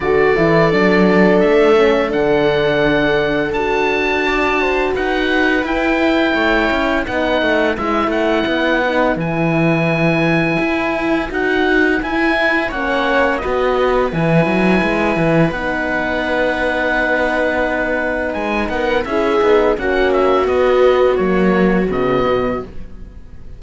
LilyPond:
<<
  \new Staff \with { instrumentName = "oboe" } { \time 4/4 \tempo 4 = 85 d''2 e''4 fis''4~ | fis''4 a''2 fis''4 | g''2 fis''4 e''8 fis''8~ | fis''4 gis''2. |
fis''4 gis''4 fis''4 dis''4 | gis''2 fis''2~ | fis''2 gis''8 fis''8 e''4 | fis''8 e''8 dis''4 cis''4 dis''4 | }
  \new Staff \with { instrumentName = "viola" } { \time 4/4 a'1~ | a'2 d''8 c''8 b'4~ | b'4 cis''4 b'2~ | b'1~ |
b'2 cis''4 b'4~ | b'1~ | b'2~ b'8 ais'8 gis'4 | fis'1 | }
  \new Staff \with { instrumentName = "horn" } { \time 4/4 fis'8 e'8 d'4. cis'8 d'4~ | d'4 fis'2. | e'2 dis'4 e'4~ | e'8 dis'8 e'2. |
fis'4 e'4 cis'4 fis'4 | e'2 dis'2~ | dis'2. e'8 dis'8 | cis'4 b4 ais4 b4 | }
  \new Staff \with { instrumentName = "cello" } { \time 4/4 d8 e8 fis4 a4 d4~ | d4 d'2 dis'4 | e'4 a8 cis'8 b8 a8 gis8 a8 | b4 e2 e'4 |
dis'4 e'4 ais4 b4 | e8 fis8 gis8 e8 b2~ | b2 gis8 b8 cis'8 b8 | ais4 b4 fis4 cis8 b,8 | }
>>